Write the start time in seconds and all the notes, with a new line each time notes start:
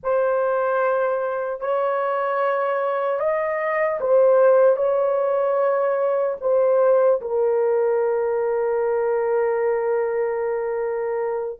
0.03 C5
1.60 C#5
3.19 D#5
4.00 C5
4.76 C#5
6.40 C5
7.21 A#4